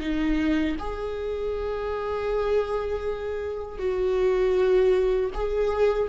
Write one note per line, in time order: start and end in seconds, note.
0.00 0.76 D#4
0.79 3.78 G#4
3.78 5.30 F#4
5.34 6.09 G#4